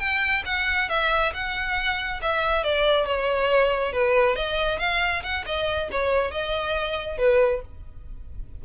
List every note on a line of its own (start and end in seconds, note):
0.00 0.43 G5
0.46 0.90 F#5
0.90 1.33 E5
1.34 2.21 F#5
2.23 2.64 E5
2.64 3.07 D5
3.07 3.93 C#5
3.93 4.36 B4
4.36 4.80 D#5
4.80 5.23 F5
5.23 5.45 F#5
5.46 5.90 D#5
5.92 6.31 C#5
6.31 7.18 D#5
7.18 7.62 B4